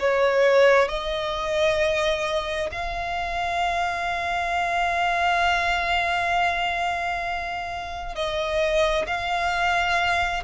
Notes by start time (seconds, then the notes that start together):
0.00 C#5
0.89 D#5
2.72 F5
8.15 D#5
9.07 F5